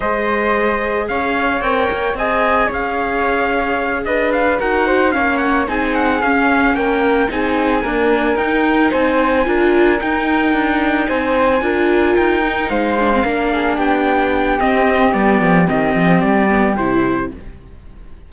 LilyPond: <<
  \new Staff \with { instrumentName = "trumpet" } { \time 4/4 \tempo 4 = 111 dis''2 f''4 g''4 | gis''4 f''2~ f''8 dis''8 | f''8 fis''4 f''8 fis''8 gis''8 fis''8 f''8~ | f''8 g''4 gis''2 g''8~ |
g''8 gis''2 g''4.~ | g''8 gis''2 g''4 f''8~ | f''4. g''4. dis''4 | d''4 dis''4 d''4 c''4 | }
  \new Staff \with { instrumentName = "flute" } { \time 4/4 c''2 cis''2 | dis''4 cis''2~ cis''8 b'8~ | b'8 ais'8 c''8 cis''4 gis'4.~ | gis'8 ais'4 gis'4 ais'4.~ |
ais'8 c''4 ais'2~ ais'8~ | ais'8 c''4 ais'2 c''8~ | c''8 ais'8 gis'8 g'2~ g'8~ | g'1 | }
  \new Staff \with { instrumentName = "viola" } { \time 4/4 gis'2. ais'4 | gis'1~ | gis'8 fis'4 cis'4 dis'4 cis'8~ | cis'4. dis'4 ais4 dis'8~ |
dis'4. f'4 dis'4.~ | dis'4. f'4. dis'4 | d'16 c'16 d'2~ d'8 c'4 | b4 c'4. b8 e'4 | }
  \new Staff \with { instrumentName = "cello" } { \time 4/4 gis2 cis'4 c'8 ais8 | c'4 cis'2~ cis'8 d'8~ | d'8 dis'4 ais4 c'4 cis'8~ | cis'8 ais4 c'4 d'4 dis'8~ |
dis'8 c'4 d'4 dis'4 d'8~ | d'8 c'4 d'4 dis'4 gis8~ | gis8 ais4 b4. c'4 | g8 f8 dis8 f8 g4 c4 | }
>>